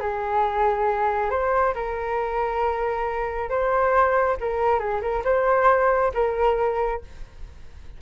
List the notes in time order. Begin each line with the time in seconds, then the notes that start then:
0.00 G#4
1.30 C5
1.74 A#4
3.50 C5
4.41 A#4
4.79 G#4
5.02 A#4
5.25 C5
6.14 A#4